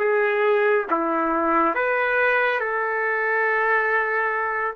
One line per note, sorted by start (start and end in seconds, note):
0.00 0.86 G#4
0.90 1.75 E4
1.75 2.60 B4
2.60 4.75 A4